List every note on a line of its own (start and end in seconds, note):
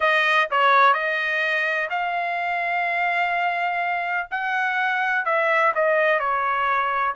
0.00 0.48 D#5
0.50 0.93 C#5
0.93 1.88 D#5
1.89 4.27 F5
4.31 5.25 F#5
5.25 5.73 E5
5.74 6.19 D#5
6.19 7.14 C#5